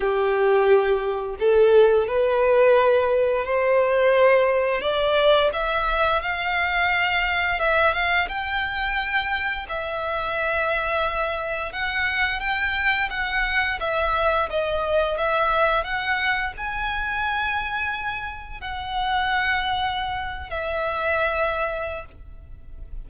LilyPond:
\new Staff \with { instrumentName = "violin" } { \time 4/4 \tempo 4 = 87 g'2 a'4 b'4~ | b'4 c''2 d''4 | e''4 f''2 e''8 f''8 | g''2 e''2~ |
e''4 fis''4 g''4 fis''4 | e''4 dis''4 e''4 fis''4 | gis''2. fis''4~ | fis''4.~ fis''16 e''2~ e''16 | }